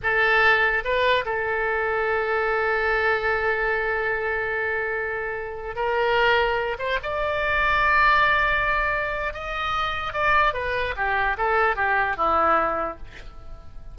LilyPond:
\new Staff \with { instrumentName = "oboe" } { \time 4/4 \tempo 4 = 148 a'2 b'4 a'4~ | a'1~ | a'1~ | a'2~ a'16 ais'4.~ ais'16~ |
ais'8. c''8 d''2~ d''8.~ | d''2. dis''4~ | dis''4 d''4 b'4 g'4 | a'4 g'4 e'2 | }